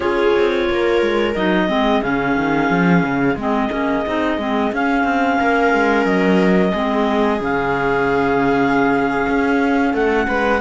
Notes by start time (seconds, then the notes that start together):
0.00 C#4 F4 G#4 C#5
0.37 C4
0.69 A#3 A#4
1.01 G#3
1.34 F#3 D#4 D#5
1.68 G#3 C4 G#4
2.01 C#3 C#4 F5
2.36 D#3
2.70 F3
3.03 C#3
3.35 G#3 C4
3.41 D#5
3.69 A#3 C#4
4.05 C4 D#4
4.37 G#3 C4
4.72 C#4 F5
5.03 C4
5.39 A#3 A#4
5.73 G#3
6.05 F#3 D#5
6.72 G#3 C4 G#4
7.40 C#3 C#4 F5
9.28 C#4
9.93 A3 A4 F#5
10.27 G#3 B4